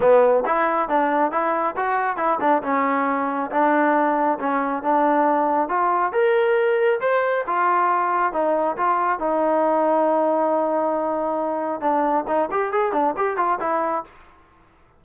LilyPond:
\new Staff \with { instrumentName = "trombone" } { \time 4/4 \tempo 4 = 137 b4 e'4 d'4 e'4 | fis'4 e'8 d'8 cis'2 | d'2 cis'4 d'4~ | d'4 f'4 ais'2 |
c''4 f'2 dis'4 | f'4 dis'2.~ | dis'2. d'4 | dis'8 g'8 gis'8 d'8 g'8 f'8 e'4 | }